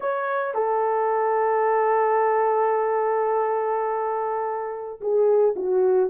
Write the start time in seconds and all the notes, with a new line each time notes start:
0.00 C#5
0.54 A4
5.00 G#4
5.56 F#4